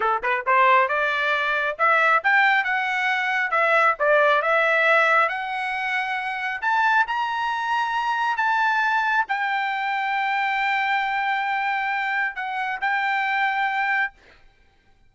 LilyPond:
\new Staff \with { instrumentName = "trumpet" } { \time 4/4 \tempo 4 = 136 a'8 b'8 c''4 d''2 | e''4 g''4 fis''2 | e''4 d''4 e''2 | fis''2. a''4 |
ais''2. a''4~ | a''4 g''2.~ | g''1 | fis''4 g''2. | }